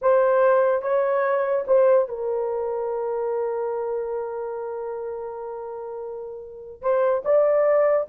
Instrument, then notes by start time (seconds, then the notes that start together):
horn
0.01 C5
0.81 C#5
1.67 C5
2.08 A#4
6.81 C5
7.24 D5